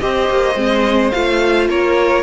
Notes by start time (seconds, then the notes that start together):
0.00 C4 G4 C5 D#5
0.31 A#3
0.55 G#3 C4
1.12 A3 F4 F5
1.69 A#3 A#4 C#5